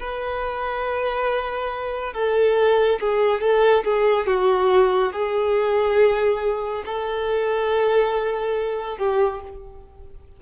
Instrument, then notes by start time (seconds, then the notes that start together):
violin
0.00 B4
2.14 A4
3.00 G#4
3.41 A4
3.84 G#4
4.27 F#4
5.13 G#4
6.86 A4
8.98 G4